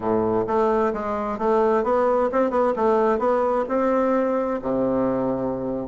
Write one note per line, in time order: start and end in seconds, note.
0.00 0.45 A2
0.47 0.92 A3
0.93 1.38 G#3
1.38 1.83 A3
1.83 2.29 B3
2.32 2.50 C4
2.50 2.73 B3
2.75 3.18 A3
3.18 3.64 B3
3.68 4.60 C4
4.61 5.87 C3